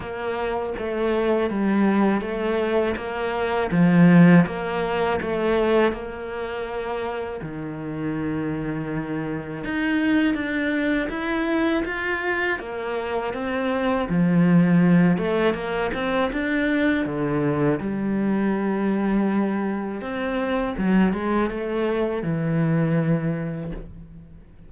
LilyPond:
\new Staff \with { instrumentName = "cello" } { \time 4/4 \tempo 4 = 81 ais4 a4 g4 a4 | ais4 f4 ais4 a4 | ais2 dis2~ | dis4 dis'4 d'4 e'4 |
f'4 ais4 c'4 f4~ | f8 a8 ais8 c'8 d'4 d4 | g2. c'4 | fis8 gis8 a4 e2 | }